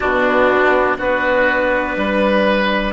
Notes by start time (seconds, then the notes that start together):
0.00 B2 B3 D4 F#4
0.96 B3 D4 F#4 B4
1.96 G3 B4